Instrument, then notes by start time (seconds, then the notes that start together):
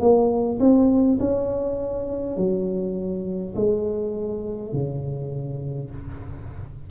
tuba
0.00 A#3
0.60 C4
1.20 C#4
2.37 F#3
3.56 G#3
4.73 C#3